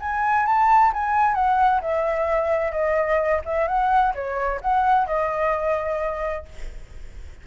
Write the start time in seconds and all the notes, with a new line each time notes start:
0.00 G#5
0.46 A5
0.93 G#5
1.35 F#5
1.82 E5
2.72 D#5
3.45 E5
3.68 F#5
4.15 C#5
4.62 F#5
5.07 D#5